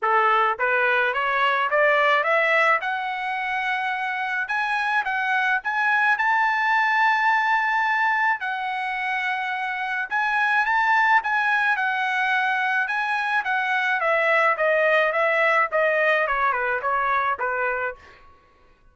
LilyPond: \new Staff \with { instrumentName = "trumpet" } { \time 4/4 \tempo 4 = 107 a'4 b'4 cis''4 d''4 | e''4 fis''2. | gis''4 fis''4 gis''4 a''4~ | a''2. fis''4~ |
fis''2 gis''4 a''4 | gis''4 fis''2 gis''4 | fis''4 e''4 dis''4 e''4 | dis''4 cis''8 b'8 cis''4 b'4 | }